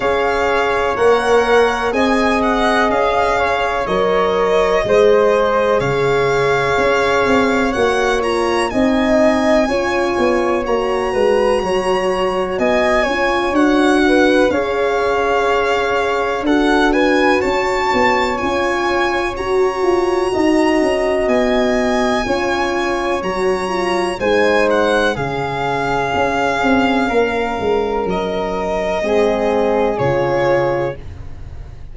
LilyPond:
<<
  \new Staff \with { instrumentName = "violin" } { \time 4/4 \tempo 4 = 62 f''4 fis''4 gis''8 fis''8 f''4 | dis''2 f''2 | fis''8 ais''8 gis''2 ais''4~ | ais''4 gis''4 fis''4 f''4~ |
f''4 fis''8 gis''8 a''4 gis''4 | ais''2 gis''2 | ais''4 gis''8 fis''8 f''2~ | f''4 dis''2 cis''4 | }
  \new Staff \with { instrumentName = "flute" } { \time 4/4 cis''2 dis''4. cis''8~ | cis''4 c''4 cis''2~ | cis''4 dis''4 cis''4. b'8 | cis''4 dis''8 cis''4 b'8 cis''4~ |
cis''4 a'8 b'8 cis''2~ | cis''4 dis''2 cis''4~ | cis''4 c''4 gis'2 | ais'2 gis'2 | }
  \new Staff \with { instrumentName = "horn" } { \time 4/4 gis'4 ais'4 gis'2 | ais'4 gis'2. | fis'8 f'8 dis'4 f'4 fis'4~ | fis'4. f'8 fis'4 gis'4~ |
gis'4 fis'2 f'4 | fis'2. f'4 | fis'8 f'8 dis'4 cis'2~ | cis'2 c'4 f'4 | }
  \new Staff \with { instrumentName = "tuba" } { \time 4/4 cis'4 ais4 c'4 cis'4 | fis4 gis4 cis4 cis'8 c'8 | ais4 c'4 cis'8 b8 ais8 gis8 | fis4 b8 cis'8 d'4 cis'4~ |
cis'4 d'4 cis'8 b8 cis'4 | fis'8 f'8 dis'8 cis'8 b4 cis'4 | fis4 gis4 cis4 cis'8 c'8 | ais8 gis8 fis4 gis4 cis4 | }
>>